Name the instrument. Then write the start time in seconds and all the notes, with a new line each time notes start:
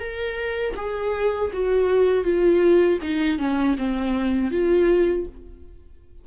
viola
0.00 A#4
0.76 G#4
1.54 F#4
2.24 F4
3.02 D#4
3.39 C#4
3.78 C4
4.51 F4